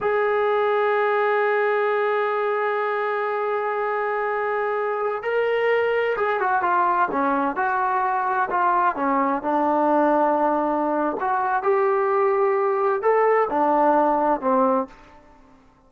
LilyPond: \new Staff \with { instrumentName = "trombone" } { \time 4/4 \tempo 4 = 129 gis'1~ | gis'1~ | gis'2.~ gis'16 ais'8.~ | ais'4~ ais'16 gis'8 fis'8 f'4 cis'8.~ |
cis'16 fis'2 f'4 cis'8.~ | cis'16 d'2.~ d'8. | fis'4 g'2. | a'4 d'2 c'4 | }